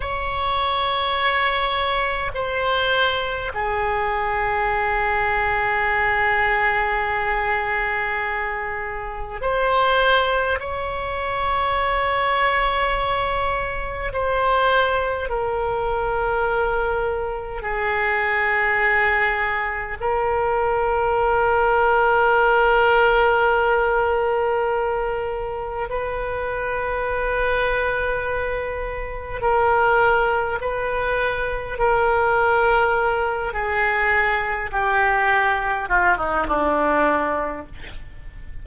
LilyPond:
\new Staff \with { instrumentName = "oboe" } { \time 4/4 \tempo 4 = 51 cis''2 c''4 gis'4~ | gis'1 | c''4 cis''2. | c''4 ais'2 gis'4~ |
gis'4 ais'2.~ | ais'2 b'2~ | b'4 ais'4 b'4 ais'4~ | ais'8 gis'4 g'4 f'16 dis'16 d'4 | }